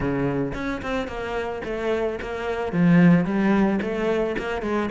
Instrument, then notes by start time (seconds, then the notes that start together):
cello
0.00 C#3
0.54 C#4
0.82 C4
1.07 A#3
1.64 A3
2.21 A#3
2.72 F3
3.25 G3
3.81 A3
4.38 A#3
4.62 G#3